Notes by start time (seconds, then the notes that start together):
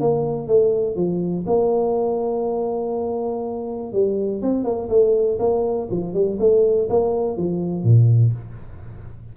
0.00 A#3
0.47 A3
0.95 F3
1.46 A#3
3.93 G3
4.42 C4
4.64 A#3
4.89 A3
5.39 A#3
5.90 F3
6.14 G3
6.39 A3
6.89 A#3
7.37 F3
7.83 A#2